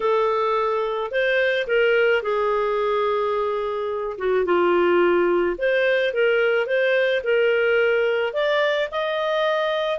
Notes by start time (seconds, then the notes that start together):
0.00 A4
1.11 C5
1.67 A#4
2.22 G#4
4.18 F#4
4.45 F4
5.58 C5
6.13 A#4
6.66 C5
7.23 A#4
8.33 D5
8.91 D#5